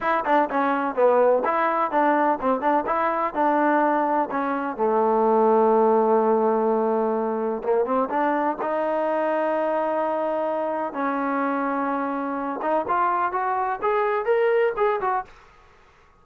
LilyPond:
\new Staff \with { instrumentName = "trombone" } { \time 4/4 \tempo 4 = 126 e'8 d'8 cis'4 b4 e'4 | d'4 c'8 d'8 e'4 d'4~ | d'4 cis'4 a2~ | a1 |
ais8 c'8 d'4 dis'2~ | dis'2. cis'4~ | cis'2~ cis'8 dis'8 f'4 | fis'4 gis'4 ais'4 gis'8 fis'8 | }